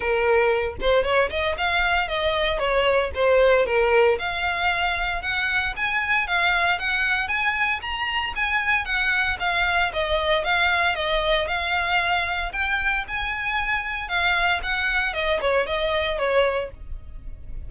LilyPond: \new Staff \with { instrumentName = "violin" } { \time 4/4 \tempo 4 = 115 ais'4. c''8 cis''8 dis''8 f''4 | dis''4 cis''4 c''4 ais'4 | f''2 fis''4 gis''4 | f''4 fis''4 gis''4 ais''4 |
gis''4 fis''4 f''4 dis''4 | f''4 dis''4 f''2 | g''4 gis''2 f''4 | fis''4 dis''8 cis''8 dis''4 cis''4 | }